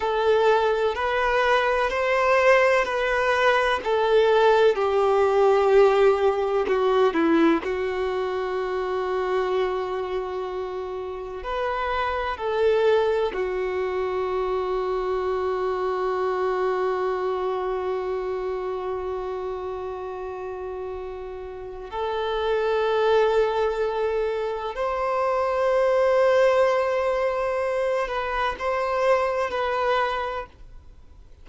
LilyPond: \new Staff \with { instrumentName = "violin" } { \time 4/4 \tempo 4 = 63 a'4 b'4 c''4 b'4 | a'4 g'2 fis'8 e'8 | fis'1 | b'4 a'4 fis'2~ |
fis'1~ | fis'2. a'4~ | a'2 c''2~ | c''4. b'8 c''4 b'4 | }